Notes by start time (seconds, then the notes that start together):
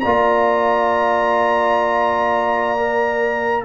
0.00 A#3 F4 D5 A#5
2.77 A#4